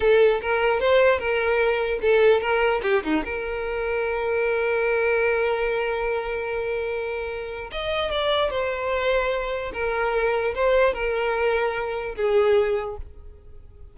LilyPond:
\new Staff \with { instrumentName = "violin" } { \time 4/4 \tempo 4 = 148 a'4 ais'4 c''4 ais'4~ | ais'4 a'4 ais'4 g'8 dis'8 | ais'1~ | ais'1~ |
ais'2. dis''4 | d''4 c''2. | ais'2 c''4 ais'4~ | ais'2 gis'2 | }